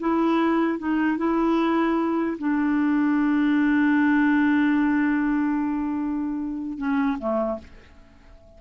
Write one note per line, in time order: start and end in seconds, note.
0.00 0.79 E4
0.79 1.17 D#4
1.17 2.37 E4
2.38 6.78 D4
6.78 7.18 C#4
7.18 7.59 A3